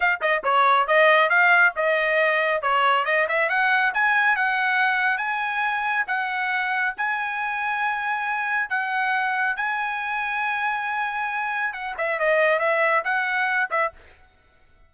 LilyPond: \new Staff \with { instrumentName = "trumpet" } { \time 4/4 \tempo 4 = 138 f''8 dis''8 cis''4 dis''4 f''4 | dis''2 cis''4 dis''8 e''8 | fis''4 gis''4 fis''2 | gis''2 fis''2 |
gis''1 | fis''2 gis''2~ | gis''2. fis''8 e''8 | dis''4 e''4 fis''4. e''8 | }